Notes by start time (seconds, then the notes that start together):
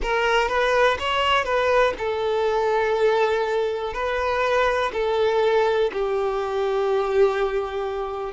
0.02 A#4
0.48 B4
0.99 C#5
1.44 B4
1.98 A4
3.93 B4
4.92 A4
5.92 G4